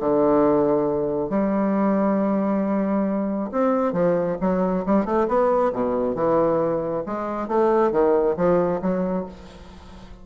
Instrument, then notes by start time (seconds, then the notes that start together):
bassoon
0.00 D3
1.30 G3
3.52 C4
3.93 F3
4.41 F#3
4.86 G3
5.05 A3
5.28 B3
5.73 B2
6.15 E3
7.06 G#3
7.48 A3
7.92 D#3
8.37 F3
8.82 F#3